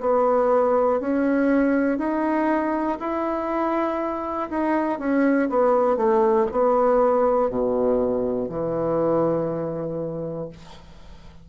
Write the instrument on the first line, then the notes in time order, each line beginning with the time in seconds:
bassoon
0.00 B3
1.00 C#4
1.98 D#4
2.99 E4
4.50 D#4
4.99 C#4
5.49 B3
5.96 A3
6.51 B3
7.49 B2
8.49 E3